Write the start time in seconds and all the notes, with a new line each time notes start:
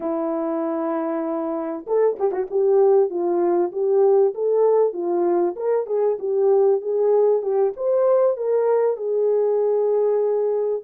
0.00 E4
1.86 A4
2.19 G4
2.31 F#4
2.50 G4
3.10 F4
3.72 G4
4.34 A4
4.93 F4
5.56 A#4
5.86 G#4
6.19 G4
6.81 G#4
7.42 G4
7.76 C5
8.36 A#4
8.96 G#4